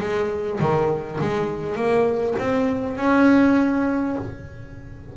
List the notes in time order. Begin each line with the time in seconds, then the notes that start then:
0.00 G#3
0.60 D#3
1.21 G#3
1.75 A#3
2.39 C4
2.97 C#4